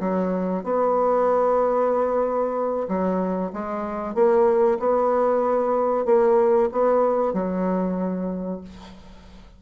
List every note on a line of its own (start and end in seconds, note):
0.00 0.64 F#3
0.64 2.88 B3
2.88 3.52 F#3
3.53 4.15 G#3
4.15 4.78 A#3
4.79 6.06 B3
6.06 6.69 A#3
6.72 7.33 B3
7.33 8.61 F#3